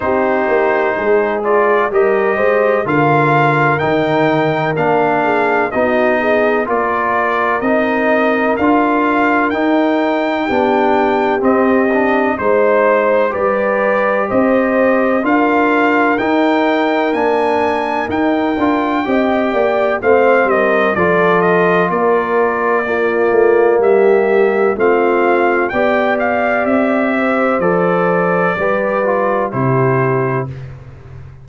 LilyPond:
<<
  \new Staff \with { instrumentName = "trumpet" } { \time 4/4 \tempo 4 = 63 c''4. d''8 dis''4 f''4 | g''4 f''4 dis''4 d''4 | dis''4 f''4 g''2 | dis''4 c''4 d''4 dis''4 |
f''4 g''4 gis''4 g''4~ | g''4 f''8 dis''8 d''8 dis''8 d''4~ | d''4 e''4 f''4 g''8 f''8 | e''4 d''2 c''4 | }
  \new Staff \with { instrumentName = "horn" } { \time 4/4 g'4 gis'4 ais'8 c''8 ais'4~ | ais'4. gis'8 fis'8 gis'8 ais'4~ | ais'2. g'4~ | g'4 c''4 b'4 c''4 |
ais'1 | dis''8 d''8 c''8 ais'8 a'4 ais'4 | f'4 g'4 f'4 d''4~ | d''8 c''4. b'4 g'4 | }
  \new Staff \with { instrumentName = "trombone" } { \time 4/4 dis'4. f'8 g'4 f'4 | dis'4 d'4 dis'4 f'4 | dis'4 f'4 dis'4 d'4 | c'8 d'8 dis'4 g'2 |
f'4 dis'4 d'4 dis'8 f'8 | g'4 c'4 f'2 | ais2 c'4 g'4~ | g'4 a'4 g'8 f'8 e'4 | }
  \new Staff \with { instrumentName = "tuba" } { \time 4/4 c'8 ais8 gis4 g8 gis8 d4 | dis4 ais4 b4 ais4 | c'4 d'4 dis'4 b4 | c'4 gis4 g4 c'4 |
d'4 dis'4 ais4 dis'8 d'8 | c'8 ais8 a8 g8 f4 ais4~ | ais8 a8 g4 a4 b4 | c'4 f4 g4 c4 | }
>>